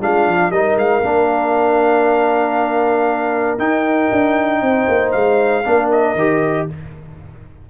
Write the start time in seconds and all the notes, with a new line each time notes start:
0.00 G#3 D4 F4 F5
0.27 F3
0.50 G3 D#4 A#4 D#5
0.75 G#3 F5
1.03 A#3 D4
3.58 D#4 G5
4.11 D4
4.61 C4 C5
4.87 A#3
5.11 G#3 F5
5.65 A#3 D4 A#4
5.91 D#5
6.14 D#3 G4